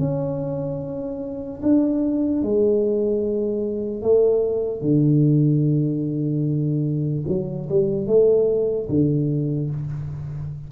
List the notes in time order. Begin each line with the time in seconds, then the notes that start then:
0.00 C#4
1.63 D4
2.43 G#3
4.02 A3
4.82 D3
7.29 F#3
7.70 G3
8.07 A3
8.90 D3